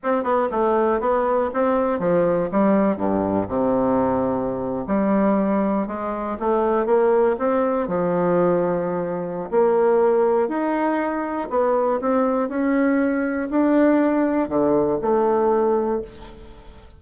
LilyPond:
\new Staff \with { instrumentName = "bassoon" } { \time 4/4 \tempo 4 = 120 c'8 b8 a4 b4 c'4 | f4 g4 g,4 c4~ | c4.~ c16 g2 gis16~ | gis8. a4 ais4 c'4 f16~ |
f2. ais4~ | ais4 dis'2 b4 | c'4 cis'2 d'4~ | d'4 d4 a2 | }